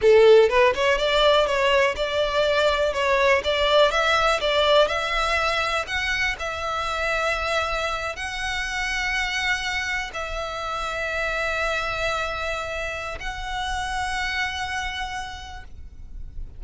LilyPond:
\new Staff \with { instrumentName = "violin" } { \time 4/4 \tempo 4 = 123 a'4 b'8 cis''8 d''4 cis''4 | d''2 cis''4 d''4 | e''4 d''4 e''2 | fis''4 e''2.~ |
e''8. fis''2.~ fis''16~ | fis''8. e''2.~ e''16~ | e''2. fis''4~ | fis''1 | }